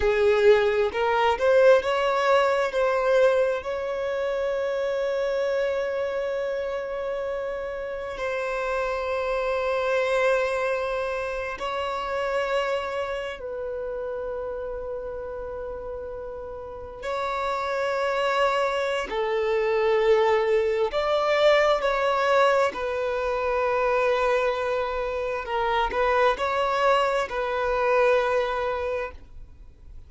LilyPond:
\new Staff \with { instrumentName = "violin" } { \time 4/4 \tempo 4 = 66 gis'4 ais'8 c''8 cis''4 c''4 | cis''1~ | cis''4 c''2.~ | c''8. cis''2 b'4~ b'16~ |
b'2~ b'8. cis''4~ cis''16~ | cis''4 a'2 d''4 | cis''4 b'2. | ais'8 b'8 cis''4 b'2 | }